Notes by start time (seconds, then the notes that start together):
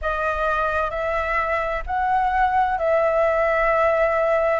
0.01 D#5
0.90 E5
1.86 F#5
2.78 E5